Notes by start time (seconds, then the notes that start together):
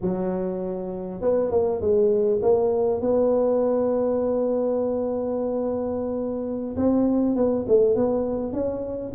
0.01 F#3
1.21 B3
1.50 A#3
1.81 G#3
2.42 A#3
3.01 B3
6.76 C4
7.35 B3
7.68 A3
7.95 B3
8.53 C#4